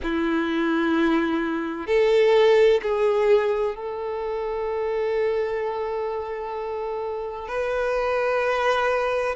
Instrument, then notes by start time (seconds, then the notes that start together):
violin
0.03 E4
1.87 A4
2.82 G#4
3.75 A4
7.48 B4